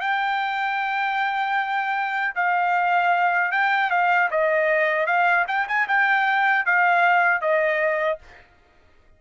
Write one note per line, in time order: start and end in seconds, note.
0.00 2.34 G5
2.35 3.51 F5
3.51 3.90 G5
3.90 4.29 F5
4.30 5.06 D#5
5.06 5.45 F5
5.47 5.67 G5
5.68 5.87 G#5
5.88 6.66 G5
6.66 7.41 F5
7.41 8.19 D#5